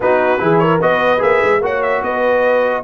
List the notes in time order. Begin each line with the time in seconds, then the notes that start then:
0.00 B3 D#4 F#4 B4
0.38 E3 E4 G#4
0.58 A#4 C#5
0.80 B3 F#4 B4 D#5
1.18 A#3 G#4 E5
1.43 G#3
1.60 A#3 F#4 C#5 F#5
1.82 E5
2.02 B3 B4 D#5